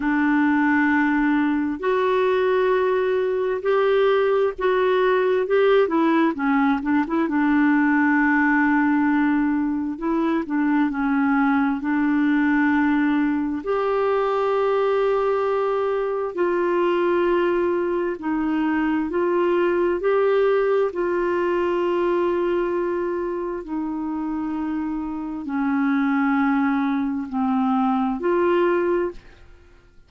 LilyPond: \new Staff \with { instrumentName = "clarinet" } { \time 4/4 \tempo 4 = 66 d'2 fis'2 | g'4 fis'4 g'8 e'8 cis'8 d'16 e'16 | d'2. e'8 d'8 | cis'4 d'2 g'4~ |
g'2 f'2 | dis'4 f'4 g'4 f'4~ | f'2 dis'2 | cis'2 c'4 f'4 | }